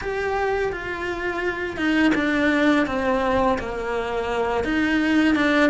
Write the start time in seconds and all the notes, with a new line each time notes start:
0.01 G4
0.72 F4
1.76 D#4
2.15 D4
2.86 C4
3.58 A#3
4.64 D#4
5.35 D4